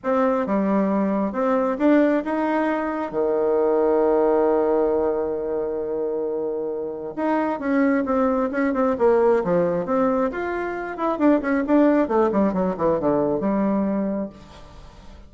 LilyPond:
\new Staff \with { instrumentName = "bassoon" } { \time 4/4 \tempo 4 = 134 c'4 g2 c'4 | d'4 dis'2 dis4~ | dis1~ | dis1 |
dis'4 cis'4 c'4 cis'8 c'8 | ais4 f4 c'4 f'4~ | f'8 e'8 d'8 cis'8 d'4 a8 g8 | fis8 e8 d4 g2 | }